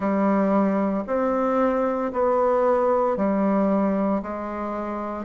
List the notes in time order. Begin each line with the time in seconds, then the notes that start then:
0.00 G3
1.06 C4
2.12 B3
3.16 G3
4.22 G#3